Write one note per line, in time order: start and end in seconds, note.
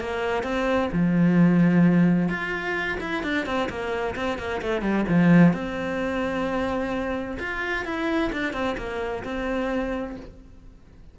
0.00 0.43 A#3
0.43 0.89 C4
0.92 2.29 F3
2.29 2.98 F4
3.00 3.23 E4
3.23 3.46 D4
3.46 3.69 C4
3.69 4.15 A#3
4.15 4.38 C4
4.38 4.61 A#3
4.62 4.82 A3
4.82 5.05 G3
5.08 5.53 F3
5.53 7.37 C4
7.39 7.85 F4
7.85 8.31 E4
8.32 8.53 D4
8.53 8.76 C4
8.77 9.23 A#3
9.24 10.16 C4